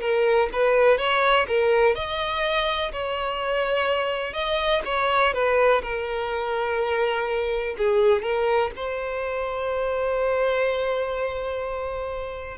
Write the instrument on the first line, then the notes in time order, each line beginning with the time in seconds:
violin
0.00 A#4
0.52 B4
0.98 C#5
1.47 A#4
1.94 D#5
2.92 C#5
4.33 D#5
4.85 C#5
5.33 B4
5.82 A#4
7.78 G#4
8.22 A#4
8.75 C5